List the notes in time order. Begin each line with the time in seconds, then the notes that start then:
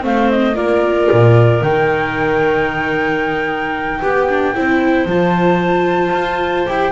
0.00 A3 C4 C5 F5
0.30 D#5
0.55 A#3 F4 A#4 D5
1.11 A#2
1.62 D#3 D#4 G5
4.01 B3 G4
4.29 D4
4.54 C4 E4 C5
5.06 F3 F4 A5
6.13 F4
6.66 E4 G4 G5